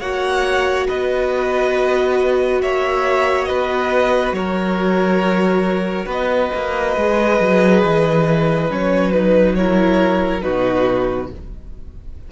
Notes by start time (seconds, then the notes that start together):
0.00 A#3 F#4 C#5 F#5
0.88 B3 B4 D#5
2.61 A#3 C#5 E5
3.45 B3 B4 D#5
4.32 F#3 A#4 C#5
6.06 B3 B4 D#5
6.55 A#3
6.97 G#3 G#4
7.40 F#3
7.84 E3
8.69 F#3 C#4 C#5
9.12 D#4 B4
9.55 E4 A#4 C#5
10.41 B2 D#4 F#4 B4